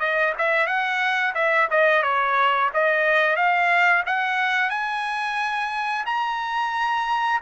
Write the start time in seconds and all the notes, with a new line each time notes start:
0.00 D#5
0.38 E5
0.67 F#5
1.35 E5
1.71 D#5
2.03 C#5
2.74 D#5
3.36 F5
4.06 F#5
4.70 G#5
6.06 A#5